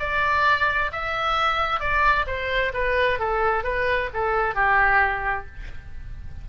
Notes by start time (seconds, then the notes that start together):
0.00 D5
0.92 E5
1.80 D5
2.27 C5
2.74 B4
3.20 A4
3.64 B4
4.14 A4
4.55 G4